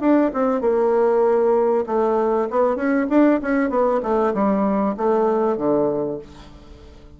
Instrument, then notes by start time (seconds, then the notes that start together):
bassoon
0.00 D4
0.33 C4
0.61 A#3
1.86 A3
2.50 B3
2.76 C#4
3.09 D4
3.42 C#4
3.69 B3
4.02 A3
4.34 G3
4.97 A3
5.57 D3